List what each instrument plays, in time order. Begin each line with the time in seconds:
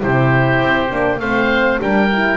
0.00 double bass C3, horn E4, oboe G4 C5
0.62 double bass C4
0.90 double bass A#3, horn D4
1.20 double bass A3, horn C4, oboe C5 F5
1.80 double bass G3, horn D4, oboe A#4 G5
2.13 horn E4